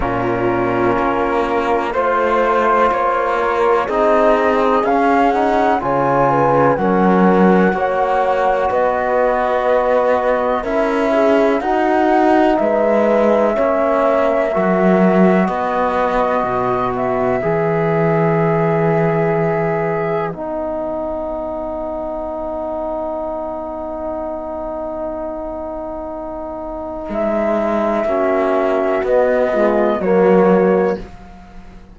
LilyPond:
<<
  \new Staff \with { instrumentName = "flute" } { \time 4/4 \tempo 4 = 62 ais'2 c''4 cis''4 | dis''4 f''8 fis''8 gis''4 fis''4~ | fis''4 dis''2 e''4 | fis''4 e''2. |
dis''4. e''2~ e''8~ | e''4 fis''2.~ | fis''1 | e''2 dis''4 cis''4 | }
  \new Staff \with { instrumentName = "horn" } { \time 4/4 f'2 c''4. ais'8 | gis'2 cis''8 b'8 ais'4 | cis''4 b'2 ais'8 gis'8 | fis'4 b'4 cis''4 ais'4 |
b'1~ | b'1~ | b'1~ | b'4 fis'4. f'8 fis'4 | }
  \new Staff \with { instrumentName = "trombone" } { \time 4/4 cis'2 f'2 | dis'4 cis'8 dis'8 f'4 cis'4 | fis'2. e'4 | dis'2 cis'4 fis'4~ |
fis'2 gis'2~ | gis'4 dis'2.~ | dis'1~ | dis'4 cis'4 b8 gis8 ais4 | }
  \new Staff \with { instrumentName = "cello" } { \time 4/4 ais,4 ais4 a4 ais4 | c'4 cis'4 cis4 fis4 | ais4 b2 cis'4 | dis'4 gis4 ais4 fis4 |
b4 b,4 e2~ | e4 b2.~ | b1 | gis4 ais4 b4 fis4 | }
>>